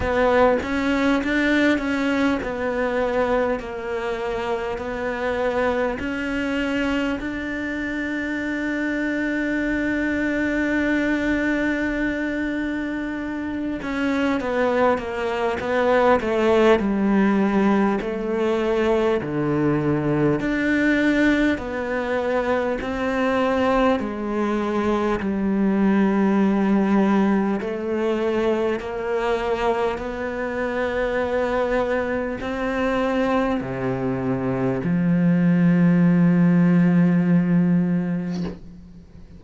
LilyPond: \new Staff \with { instrumentName = "cello" } { \time 4/4 \tempo 4 = 50 b8 cis'8 d'8 cis'8 b4 ais4 | b4 cis'4 d'2~ | d'2.~ d'8 cis'8 | b8 ais8 b8 a8 g4 a4 |
d4 d'4 b4 c'4 | gis4 g2 a4 | ais4 b2 c'4 | c4 f2. | }